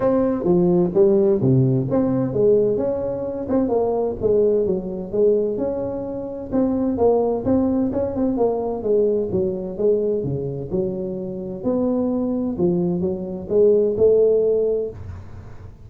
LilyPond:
\new Staff \with { instrumentName = "tuba" } { \time 4/4 \tempo 4 = 129 c'4 f4 g4 c4 | c'4 gis4 cis'4. c'8 | ais4 gis4 fis4 gis4 | cis'2 c'4 ais4 |
c'4 cis'8 c'8 ais4 gis4 | fis4 gis4 cis4 fis4~ | fis4 b2 f4 | fis4 gis4 a2 | }